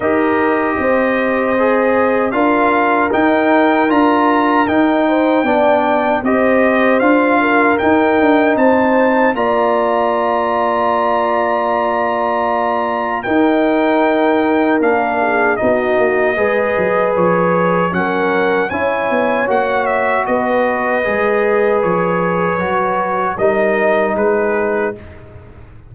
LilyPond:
<<
  \new Staff \with { instrumentName = "trumpet" } { \time 4/4 \tempo 4 = 77 dis''2. f''4 | g''4 ais''4 g''2 | dis''4 f''4 g''4 a''4 | ais''1~ |
ais''4 g''2 f''4 | dis''2 cis''4 fis''4 | gis''4 fis''8 e''8 dis''2 | cis''2 dis''4 b'4 | }
  \new Staff \with { instrumentName = "horn" } { \time 4/4 ais'4 c''2 ais'4~ | ais'2~ ais'8 c''8 d''4 | c''4. ais'4. c''4 | d''1~ |
d''4 ais'2~ ais'8 gis'8 | fis'4 b'2 ais'4 | cis''2 b'2~ | b'2 ais'4 gis'4 | }
  \new Staff \with { instrumentName = "trombone" } { \time 4/4 g'2 gis'4 f'4 | dis'4 f'4 dis'4 d'4 | g'4 f'4 dis'2 | f'1~ |
f'4 dis'2 d'4 | dis'4 gis'2 cis'4 | e'4 fis'2 gis'4~ | gis'4 fis'4 dis'2 | }
  \new Staff \with { instrumentName = "tuba" } { \time 4/4 dis'4 c'2 d'4 | dis'4 d'4 dis'4 b4 | c'4 d'4 dis'8 d'8 c'4 | ais1~ |
ais4 dis'2 ais4 | b8 ais8 gis8 fis8 f4 fis4 | cis'8 b8 ais4 b4 gis4 | f4 fis4 g4 gis4 | }
>>